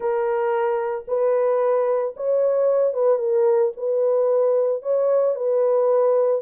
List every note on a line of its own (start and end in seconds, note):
0.00 1.05 A#4
1.07 2.14 B4
2.16 2.93 C#5
2.93 3.18 B4
3.18 3.72 A#4
3.76 4.82 B4
4.82 5.35 C#5
5.35 6.41 B4